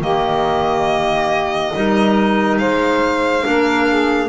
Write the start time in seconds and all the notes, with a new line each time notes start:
0.00 D#3 A#3 G4 D#5
1.73 G3 D#4 A#4
2.58 G#3 C5 F5
3.42 A#3 D4 A#4
3.87 G#4